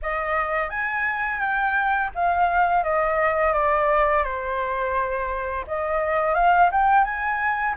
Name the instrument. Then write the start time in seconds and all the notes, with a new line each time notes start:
flute
0.02 D#5
0.69 G#5
1.40 G5
2.14 F5
2.83 D#5
3.53 D5
4.23 C5
5.67 D#5
6.34 F5
6.71 G5
7.04 G#5